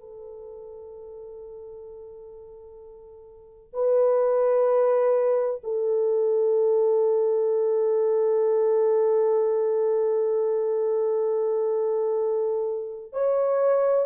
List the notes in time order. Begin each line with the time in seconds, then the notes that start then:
0.00 A4
3.74 B4
5.64 A4
13.13 C#5